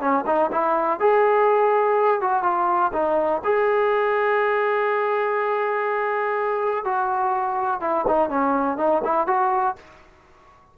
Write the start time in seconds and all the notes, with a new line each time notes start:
0.00 C#4
0.26 D#4
0.52 E4
1.00 G#4
2.21 F#4
2.43 F4
2.93 D#4
3.44 G#4
6.85 F#4
7.81 E4
8.07 D#4
8.29 C#4
8.78 D#4
9.04 E4
9.27 F#4